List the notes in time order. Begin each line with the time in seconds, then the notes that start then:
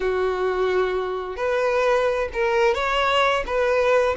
0.00 F#4
1.36 B4
2.33 A#4
2.74 C#5
3.46 B4